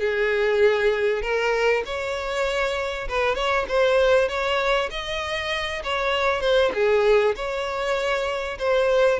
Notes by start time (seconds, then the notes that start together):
0.00 G#4
1.22 A#4
1.86 C#5
3.09 B4
3.36 C#5
3.69 C5
4.29 C#5
4.91 D#5
5.84 C#5
6.41 C5
6.74 G#4
7.36 C#5
8.59 C5